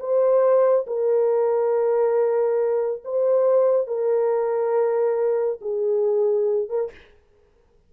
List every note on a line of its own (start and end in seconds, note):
0.00 0.86 C5
0.87 3.03 A#4
3.05 3.88 C5
3.88 5.60 A#4
5.62 6.70 G#4
6.70 6.91 A#4